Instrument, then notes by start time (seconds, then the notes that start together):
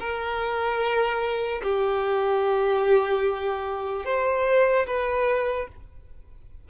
violin
0.00 A#4
1.63 G4
4.05 C5
4.87 B4